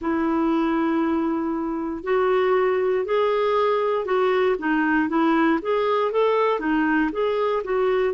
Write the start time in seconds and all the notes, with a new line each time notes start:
0.00 E4
2.03 F#4
3.05 G#4
4.04 F#4
4.59 D#4
5.08 E4
5.62 G#4
6.11 A4
6.59 D#4
7.12 G#4
7.64 F#4